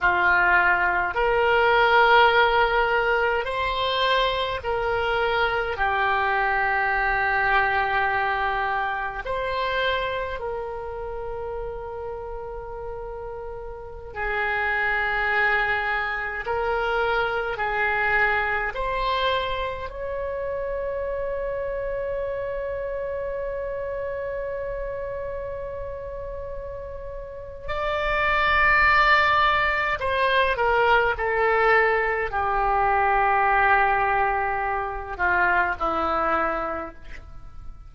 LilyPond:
\new Staff \with { instrumentName = "oboe" } { \time 4/4 \tempo 4 = 52 f'4 ais'2 c''4 | ais'4 g'2. | c''4 ais'2.~ | ais'16 gis'2 ais'4 gis'8.~ |
gis'16 c''4 cis''2~ cis''8.~ | cis''1 | d''2 c''8 ais'8 a'4 | g'2~ g'8 f'8 e'4 | }